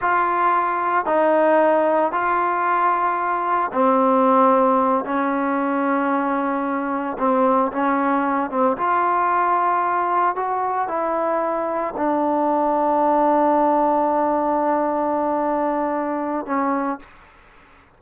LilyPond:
\new Staff \with { instrumentName = "trombone" } { \time 4/4 \tempo 4 = 113 f'2 dis'2 | f'2. c'4~ | c'4. cis'2~ cis'8~ | cis'4. c'4 cis'4. |
c'8 f'2. fis'8~ | fis'8 e'2 d'4.~ | d'1~ | d'2. cis'4 | }